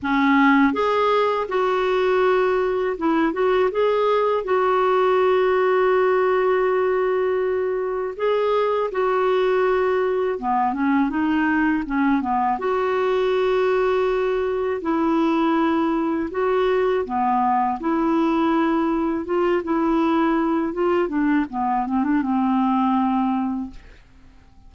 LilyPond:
\new Staff \with { instrumentName = "clarinet" } { \time 4/4 \tempo 4 = 81 cis'4 gis'4 fis'2 | e'8 fis'8 gis'4 fis'2~ | fis'2. gis'4 | fis'2 b8 cis'8 dis'4 |
cis'8 b8 fis'2. | e'2 fis'4 b4 | e'2 f'8 e'4. | f'8 d'8 b8 c'16 d'16 c'2 | }